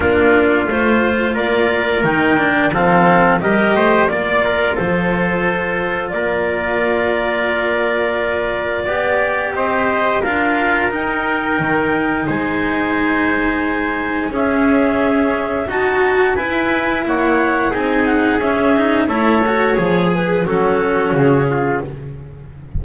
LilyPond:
<<
  \new Staff \with { instrumentName = "clarinet" } { \time 4/4 \tempo 4 = 88 ais'4 c''4 d''4 g''4 | f''4 dis''4 d''4 c''4~ | c''4 d''2.~ | d''2 dis''4 f''4 |
g''2 gis''2~ | gis''4 e''2 a''4 | gis''4 fis''4 gis''8 fis''8 e''4 | cis''4. b'8 a'4 gis'4 | }
  \new Staff \with { instrumentName = "trumpet" } { \time 4/4 f'2 ais'2 | a'4 ais'8 c''8 d''8 ais'8 a'4~ | a'4 ais'2.~ | ais'4 d''4 c''4 ais'4~ |
ais'2 c''2~ | c''4 gis'2 fis'4 | b'4 cis''4 gis'2 | a'4 gis'4 fis'4. f'8 | }
  \new Staff \with { instrumentName = "cello" } { \time 4/4 d'4 f'2 dis'8 d'8 | c'4 g'4 f'2~ | f'1~ | f'4 g'2 f'4 |
dis'1~ | dis'4 cis'2 fis'4 | e'2 dis'4 cis'8 dis'8 | e'8 fis'8 gis'4 cis'2 | }
  \new Staff \with { instrumentName = "double bass" } { \time 4/4 ais4 a4 ais4 dis4 | f4 g8 a8 ais4 f4~ | f4 ais2.~ | ais4 b4 c'4 d'4 |
dis'4 dis4 gis2~ | gis4 cis'2 dis'4 | e'4 ais4 c'4 cis'4 | a4 f4 fis4 cis4 | }
>>